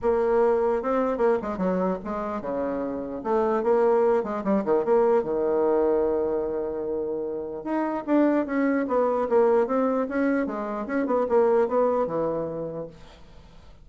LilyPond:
\new Staff \with { instrumentName = "bassoon" } { \time 4/4 \tempo 4 = 149 ais2 c'4 ais8 gis8 | fis4 gis4 cis2 | a4 ais4. gis8 g8 dis8 | ais4 dis2.~ |
dis2. dis'4 | d'4 cis'4 b4 ais4 | c'4 cis'4 gis4 cis'8 b8 | ais4 b4 e2 | }